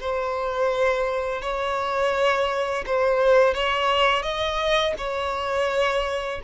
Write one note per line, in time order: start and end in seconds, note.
0.00 1.42 C5
1.42 2.84 C#5
2.86 3.54 C5
3.54 4.22 C#5
4.22 4.94 D#5
4.98 6.41 C#5